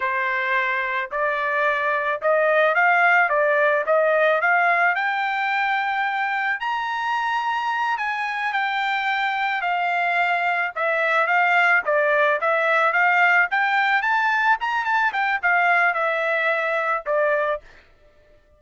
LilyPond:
\new Staff \with { instrumentName = "trumpet" } { \time 4/4 \tempo 4 = 109 c''2 d''2 | dis''4 f''4 d''4 dis''4 | f''4 g''2. | ais''2~ ais''8 gis''4 g''8~ |
g''4. f''2 e''8~ | e''8 f''4 d''4 e''4 f''8~ | f''8 g''4 a''4 ais''8 a''8 g''8 | f''4 e''2 d''4 | }